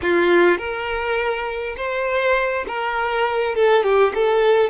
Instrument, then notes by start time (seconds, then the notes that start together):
violin
0.02 F4
0.58 A#4
1.76 C5
2.67 A#4
3.55 A4
3.83 G4
4.14 A4